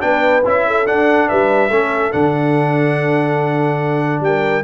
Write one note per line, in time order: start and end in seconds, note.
0.00 0.44 B3
0.00 0.42 D4
0.00 0.67 B4
0.00 0.43 G5
0.45 0.87 C#4
0.45 0.86 E4
0.45 0.86 E5
0.67 1.28 A4
0.86 1.70 D4
0.86 1.30 D4
0.86 1.28 F#5
1.28 1.70 G3
1.28 1.70 B4
1.28 2.12 E5
1.70 2.12 A3
1.70 2.11 C#4
1.70 4.22 A4
2.11 4.20 D3
2.11 4.63 D4
2.11 4.22 F#5
4.20 4.62 G3
4.20 4.64 A#4
4.20 4.64 G5